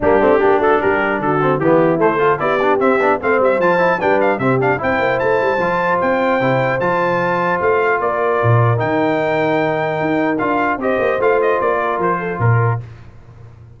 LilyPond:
<<
  \new Staff \with { instrumentName = "trumpet" } { \time 4/4 \tempo 4 = 150 g'4. a'8 ais'4 a'4 | g'4 c''4 d''4 e''4 | f''8 e''8 a''4 g''8 f''8 e''8 f''8 | g''4 a''2 g''4~ |
g''4 a''2 f''4 | d''2 g''2~ | g''2 f''4 dis''4 | f''8 dis''8 d''4 c''4 ais'4 | }
  \new Staff \with { instrumentName = "horn" } { \time 4/4 d'4 g'8 fis'8 g'4 fis'4 | e'4. a'8 g'2 | c''2 b'4 g'4 | c''1~ |
c''1 | ais'1~ | ais'2. c''4~ | c''4. ais'4 a'8 ais'4 | }
  \new Staff \with { instrumentName = "trombone" } { \time 4/4 ais8 c'8 d'2~ d'8 c'8 | b4 a8 f'8 e'8 d'8 c'8 d'8 | c'4 f'8 e'8 d'4 c'8 d'8 | e'2 f'2 |
e'4 f'2.~ | f'2 dis'2~ | dis'2 f'4 g'4 | f'1 | }
  \new Staff \with { instrumentName = "tuba" } { \time 4/4 g8 a8 ais8 a8 g4 d4 | e4 a4 b4 c'8 b8 | a8 g8 f4 g4 c4 | c'8 ais8 a8 g8 f4 c'4 |
c4 f2 a4 | ais4 ais,4 dis2~ | dis4 dis'4 d'4 c'8 ais8 | a4 ais4 f4 ais,4 | }
>>